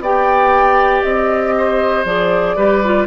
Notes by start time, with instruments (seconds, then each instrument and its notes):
0.00 bassoon B3, clarinet G4, oboe D5, flute G5
1.03 bassoon C4, flute D#5
1.58 oboe C5
2.05 bassoon F3, clarinet G#4, flute D5
2.56 bassoon G3, clarinet G4, oboe B4
2.84 clarinet F4